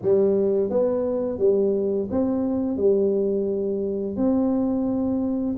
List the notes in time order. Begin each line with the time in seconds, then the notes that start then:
0.02 G3
0.70 B3
1.39 G3
2.11 C4
2.77 G3
4.16 C4